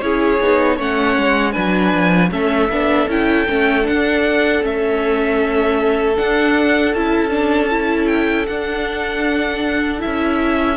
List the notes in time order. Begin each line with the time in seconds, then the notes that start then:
0.00 C#4 E4 G#4 C#5
0.40 B3 D#4
0.76 A3 C#4 C#5 F#5
1.17 G#3
1.52 F#3 D4 B4 G#5
1.93 F3
2.30 A3 C#4 A4 E5
2.68 B3 D4
3.07 C#4 E4 G5
3.48 A3 C#4
3.83 D4 F#5
4.61 A3 C#4 E5
6.16 D4 F#5
6.93 C#4 E4 A5
7.29 D4
7.70 E4
8.07 G5
8.47 D4 F#5
9.99 E4 E5
10.06 C#4